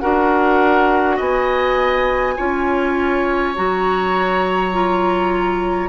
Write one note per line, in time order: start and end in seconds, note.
0.00 1.20 D4
0.00 2.37 F#4
0.00 1.16 A#4
0.00 1.18 F#5
1.16 2.38 B3
1.16 2.34 D#5
1.16 3.55 G#5
2.37 3.57 C#4
2.37 3.55 F4
2.37 5.89 C#5
3.56 5.89 F#3
3.56 4.73 F#4
3.56 5.89 A#5
4.73 5.89 F4